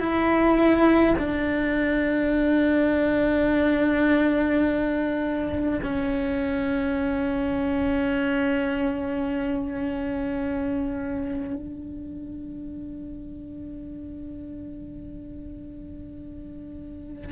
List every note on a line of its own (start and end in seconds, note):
0.00 1.15 E4
1.19 5.80 D4
5.83 11.55 C#4
11.55 17.32 D4